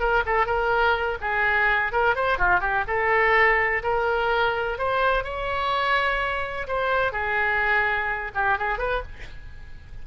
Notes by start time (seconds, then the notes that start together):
0.00 A#4
0.26 A4
0.47 A#4
1.21 G#4
1.92 A#4
2.16 C5
2.38 F4
2.60 G4
2.88 A4
3.83 A#4
4.78 C5
5.24 C#5
6.68 C5
7.13 G#4
8.35 G4
8.58 G#4
8.79 B4